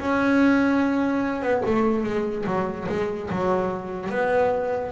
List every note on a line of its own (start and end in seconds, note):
0.00 1.42 C#4
1.42 1.63 B3
1.66 2.04 A3
2.04 2.45 G#3
2.46 2.87 F#3
2.89 3.30 G#3
3.31 4.10 F#3
4.10 4.92 B3